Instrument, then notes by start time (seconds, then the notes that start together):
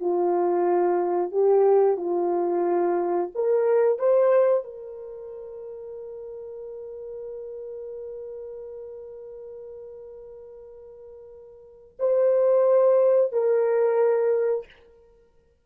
horn
0.00 F4
1.31 G4
1.97 F4
3.35 A#4
3.98 C5
4.64 A#4
11.99 C5
13.32 A#4